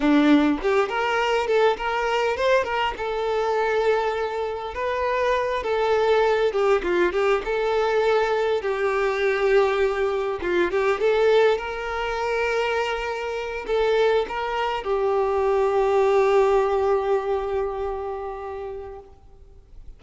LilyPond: \new Staff \with { instrumentName = "violin" } { \time 4/4 \tempo 4 = 101 d'4 g'8 ais'4 a'8 ais'4 | c''8 ais'8 a'2. | b'4. a'4. g'8 f'8 | g'8 a'2 g'4.~ |
g'4. f'8 g'8 a'4 ais'8~ | ais'2. a'4 | ais'4 g'2.~ | g'1 | }